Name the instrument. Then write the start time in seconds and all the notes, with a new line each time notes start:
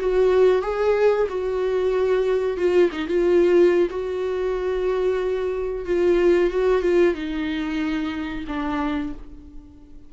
viola
0.00 F#4
0.62 G#4
1.29 F#4
2.58 F4
2.92 D#4
3.08 F4
3.90 F#4
5.85 F4
6.51 F#4
6.82 F4
7.14 D#4
8.48 D4